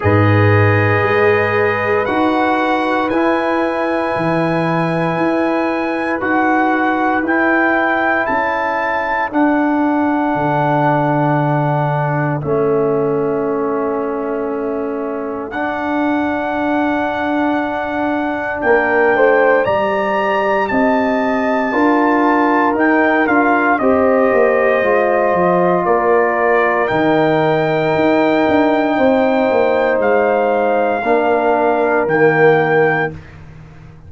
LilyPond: <<
  \new Staff \with { instrumentName = "trumpet" } { \time 4/4 \tempo 4 = 58 dis''2 fis''4 gis''4~ | gis''2 fis''4 g''4 | a''4 fis''2. | e''2. fis''4~ |
fis''2 g''4 ais''4 | a''2 g''8 f''8 dis''4~ | dis''4 d''4 g''2~ | g''4 f''2 g''4 | }
  \new Staff \with { instrumentName = "horn" } { \time 4/4 b'1~ | b'1 | a'1~ | a'1~ |
a'2 ais'8 c''8 d''4 | dis''4 ais'2 c''4~ | c''4 ais'2. | c''2 ais'2 | }
  \new Staff \with { instrumentName = "trombone" } { \time 4/4 gis'2 fis'4 e'4~ | e'2 fis'4 e'4~ | e'4 d'2. | cis'2. d'4~ |
d'2. g'4~ | g'4 f'4 dis'8 f'8 g'4 | f'2 dis'2~ | dis'2 d'4 ais4 | }
  \new Staff \with { instrumentName = "tuba" } { \time 4/4 gis,4 gis4 dis'4 e'4 | e4 e'4 dis'4 e'4 | cis'4 d'4 d2 | a2. d'4~ |
d'2 ais8 a8 g4 | c'4 d'4 dis'8 d'8 c'8 ais8 | gis8 f8 ais4 dis4 dis'8 d'8 | c'8 ais8 gis4 ais4 dis4 | }
>>